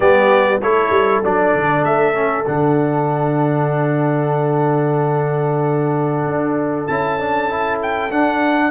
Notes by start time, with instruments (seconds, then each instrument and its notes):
0.00 tuba G3, trombone B3, horn G4, trumpet D5
0.61 tuba A3, trombone E4, horn A4, trumpet C#5
0.90 tuba G3
1.23 tuba F#3, trombone D4, trumpet D5
1.54 tuba D3
1.83 tuba A3, trumpet E5
2.14 trombone C#4
2.45 tuba D3, trombone D4, trumpet F#5
6.26 tuba D4
6.86 tuba C#4, trombone E4, trumpet A5
7.19 trombone D4
7.49 trombone E4
7.82 trumpet G5
8.10 tuba D4, trombone D4, trumpet F#5